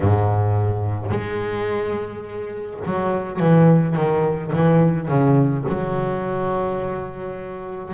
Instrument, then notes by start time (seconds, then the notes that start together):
double bass
0.00 G#2
1.10 G#3
2.85 F#3
3.40 E3
3.95 D#3
4.53 E3
5.08 C#3
5.68 F#3